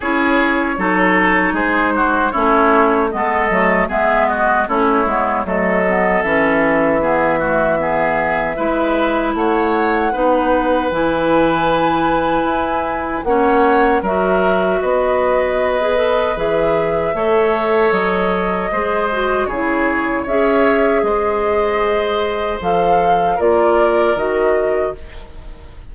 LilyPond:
<<
  \new Staff \with { instrumentName = "flute" } { \time 4/4 \tempo 4 = 77 cis''2 c''4 cis''4 | dis''4 e''8 dis''8 cis''4 dis''4 | e''1 | fis''2 gis''2~ |
gis''4 fis''4 e''4 dis''4~ | dis''4 e''2 dis''4~ | dis''4 cis''4 e''4 dis''4~ | dis''4 f''4 d''4 dis''4 | }
  \new Staff \with { instrumentName = "oboe" } { \time 4/4 gis'4 a'4 gis'8 fis'8 e'4 | a'4 gis'8 fis'8 e'4 a'4~ | a'4 gis'8 fis'8 gis'4 b'4 | cis''4 b'2.~ |
b'4 cis''4 ais'4 b'4~ | b'2 cis''2 | c''4 gis'4 cis''4 c''4~ | c''2 ais'2 | }
  \new Staff \with { instrumentName = "clarinet" } { \time 4/4 e'4 dis'2 cis'4 | b8 a8 b4 cis'8 b8 a8 b8 | cis'4 b8 a8 b4 e'4~ | e'4 dis'4 e'2~ |
e'4 cis'4 fis'2~ | fis'16 gis'16 a'8 gis'4 a'2 | gis'8 fis'8 e'4 gis'2~ | gis'4 a'4 f'4 fis'4 | }
  \new Staff \with { instrumentName = "bassoon" } { \time 4/4 cis'4 fis4 gis4 a4 | gis8 fis8 gis4 a8 gis8 fis4 | e2. gis4 | a4 b4 e2 |
e'4 ais4 fis4 b4~ | b4 e4 a4 fis4 | gis4 cis4 cis'4 gis4~ | gis4 f4 ais4 dis4 | }
>>